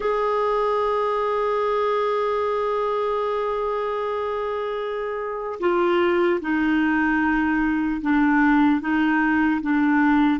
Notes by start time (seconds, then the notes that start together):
0.00 G#4
5.60 F4
6.41 D#4
8.01 D4
8.80 D#4
9.61 D4